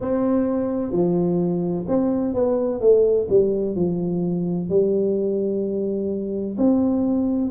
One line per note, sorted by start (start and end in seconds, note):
0.00 0.92 C4
0.92 1.85 F3
1.87 2.34 C4
2.34 2.80 B3
2.80 3.27 A3
3.29 3.75 G3
3.75 4.69 F3
4.69 6.56 G3
6.57 7.50 C4